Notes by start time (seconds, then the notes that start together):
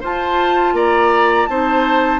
0.00 F4 C5 A5
0.73 A#3 D5 A#5
1.46 C4 D#4 C5 A5